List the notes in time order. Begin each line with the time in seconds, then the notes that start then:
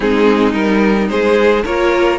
0.00 G#3 C4 D#4 G#4
0.53 G3 D#4 A#4
1.08 G#3 G#4 C5
1.64 A#3 F4 A#4 C#5